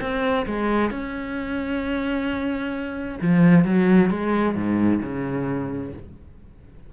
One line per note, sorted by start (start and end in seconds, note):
0.00 0.45 C4
0.46 0.90 G#3
0.90 3.18 C#4
3.21 3.64 F3
3.64 4.10 F#3
4.10 4.55 G#3
4.55 5.00 G#2
5.02 5.93 C#3